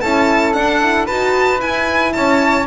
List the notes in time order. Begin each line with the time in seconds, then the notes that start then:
0.00 C#4 E4 A4 A5
0.53 D4 F#5
0.81 E4
1.05 D#4 F#4 B4 A5
1.59 E4 G#5
2.12 C#4 C#5 A5